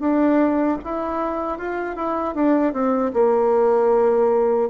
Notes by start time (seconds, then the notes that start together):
0.00 D4
0.84 E4
1.58 F4
1.96 E4
2.35 D4
2.73 C4
3.14 A#3